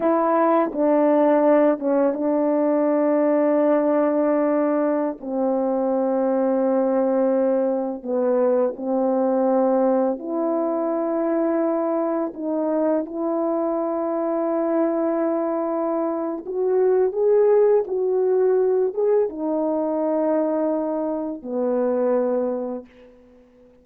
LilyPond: \new Staff \with { instrumentName = "horn" } { \time 4/4 \tempo 4 = 84 e'4 d'4. cis'8 d'4~ | d'2.~ d'16 c'8.~ | c'2.~ c'16 b8.~ | b16 c'2 e'4.~ e'16~ |
e'4~ e'16 dis'4 e'4.~ e'16~ | e'2. fis'4 | gis'4 fis'4. gis'8 dis'4~ | dis'2 b2 | }